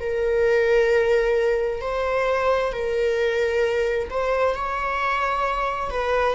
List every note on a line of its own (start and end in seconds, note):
0.00 1.81 A#4
1.81 2.72 C5
2.73 4.09 A#4
4.10 4.55 C5
4.55 5.90 C#5
5.90 6.35 B4